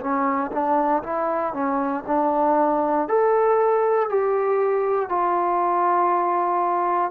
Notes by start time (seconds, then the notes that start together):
0.00 C#4
0.52 D4
1.03 E4
1.53 C#4
2.07 D4
3.08 A4
4.09 G4
5.09 F4